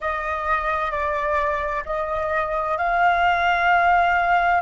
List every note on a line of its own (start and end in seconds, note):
0.00 0.91 D#5
0.91 1.83 D5
1.85 2.77 D#5
2.77 4.61 F5